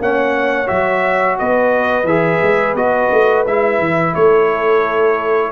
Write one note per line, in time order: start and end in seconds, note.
0.00 0.69 A#3
0.00 0.66 C#4
0.00 1.39 C#5
0.00 0.68 F#5
0.66 1.40 F#3
0.66 2.04 F#4
0.66 1.37 E5
1.39 2.04 B3
1.39 4.15 B4
1.39 2.06 D#5
2.04 2.39 E3
2.04 2.77 G#4
2.04 2.75 E5
2.42 2.75 G#3
2.75 3.09 B3
2.75 3.46 F#4
2.75 3.45 D#5
3.12 3.46 A3
3.46 3.79 G#3
3.46 5.52 E4
3.46 4.15 E5
3.79 4.14 E3
4.15 5.52 A3
4.15 5.52 A4
4.15 5.52 C#5